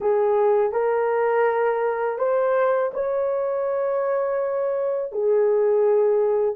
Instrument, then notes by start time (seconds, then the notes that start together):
horn
0.00 G#4
0.72 A#4
2.18 C5
2.93 C#5
5.12 G#4